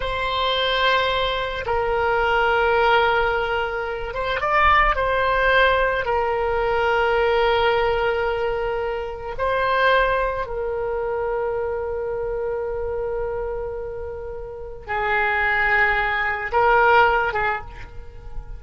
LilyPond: \new Staff \with { instrumentName = "oboe" } { \time 4/4 \tempo 4 = 109 c''2. ais'4~ | ais'2.~ ais'8 c''8 | d''4 c''2 ais'4~ | ais'1~ |
ais'4 c''2 ais'4~ | ais'1~ | ais'2. gis'4~ | gis'2 ais'4. gis'8 | }